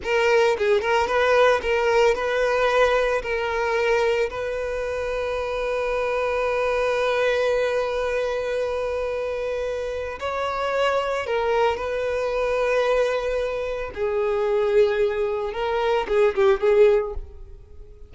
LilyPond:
\new Staff \with { instrumentName = "violin" } { \time 4/4 \tempo 4 = 112 ais'4 gis'8 ais'8 b'4 ais'4 | b'2 ais'2 | b'1~ | b'1~ |
b'2. cis''4~ | cis''4 ais'4 b'2~ | b'2 gis'2~ | gis'4 ais'4 gis'8 g'8 gis'4 | }